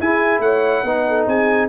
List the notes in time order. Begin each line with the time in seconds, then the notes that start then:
0.00 E4 G#4 G#5
0.40 A3 C#5 F#5
0.84 B3 D#4 B4
1.08 A4
1.27 C4 G#4 G#5